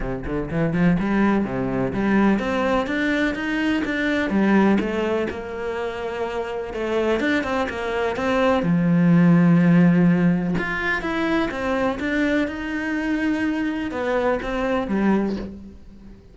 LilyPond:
\new Staff \with { instrumentName = "cello" } { \time 4/4 \tempo 4 = 125 c8 d8 e8 f8 g4 c4 | g4 c'4 d'4 dis'4 | d'4 g4 a4 ais4~ | ais2 a4 d'8 c'8 |
ais4 c'4 f2~ | f2 f'4 e'4 | c'4 d'4 dis'2~ | dis'4 b4 c'4 g4 | }